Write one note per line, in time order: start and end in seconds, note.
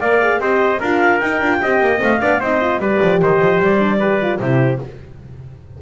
0.00 0.39 A#3
0.00 0.21 A#4
0.00 0.40 D5
0.00 0.40 F5
0.21 0.39 G#4
0.39 0.79 C4
0.39 0.79 G4
0.39 0.80 C5
0.39 0.81 D#5
0.80 1.21 D4
0.80 1.23 F4
0.80 1.60 A#4
0.80 1.19 F5
1.19 1.40 D#4
1.19 1.43 D#4
1.19 1.99 G5
1.40 1.60 D4
1.40 1.63 F4
1.62 1.80 C4
1.62 1.97 G4
1.62 2.21 D#5
1.80 2.00 A#3
1.97 2.21 A3
1.97 2.17 C4
1.97 2.42 F5
2.21 2.40 B3
2.21 2.42 D4
2.21 2.40 D5
2.40 2.78 C4
2.40 2.61 D#4
2.40 2.80 C5
2.40 2.80 D#5
2.61 2.81 F4
2.78 2.98 G3
2.78 3.79 G4
2.78 3.20 B4
2.78 3.20 D5
3.02 3.22 F3
3.22 3.40 D#3
3.22 3.99 C5
3.22 3.62 D#5
3.40 3.59 F3
3.59 4.39 G3
3.59 4.39 D5
3.79 3.99 D4
3.99 4.21 G4
3.99 4.39 B4
4.21 4.41 F4
4.39 4.80 C3
4.39 4.81 E4
4.39 4.81 G4
4.39 4.79 C5